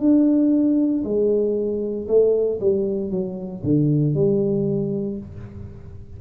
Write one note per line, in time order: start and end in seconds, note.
0.00 1.03 D4
1.04 2.08 G#3
2.08 2.60 A3
2.61 3.11 G3
3.11 3.63 F#3
3.63 4.15 D3
4.15 5.18 G3